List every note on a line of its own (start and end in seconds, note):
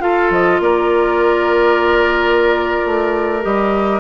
0.00 3.42 F4
0.00 0.30 F4
0.00 0.62 A4
0.00 0.31 F5
0.30 0.60 F3
0.30 0.61 D#5
0.60 2.83 A#3
0.60 4.00 A#4
0.60 3.44 D5
2.85 3.45 A3
3.42 4.00 G3
3.42 4.00 G4
3.42 4.00 D#5